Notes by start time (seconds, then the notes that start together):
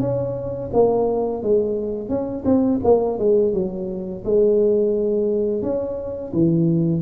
0.00 C#4
0.72 A#3
1.42 G#3
2.08 C#4
2.45 C4
2.84 A#3
3.18 G#3
3.53 F#3
4.24 G#3
5.62 C#4
6.32 E3